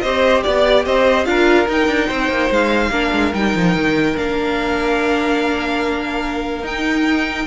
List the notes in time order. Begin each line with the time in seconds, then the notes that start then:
0.00 C4 G4 C5 D#5
0.42 B3 D5
0.85 C4 C5 D#5
1.25 D4 F4 A#4 F5
1.66 D#4 G5
1.87 D4
2.07 C4 C5
2.29 A#3
2.50 G#3 F5
2.89 A#3 D4 A#4
3.12 G#3
3.33 G3 D#4 G5
3.54 F3
3.75 D#3
4.15 A#3 D4 F5
6.62 D#4 G5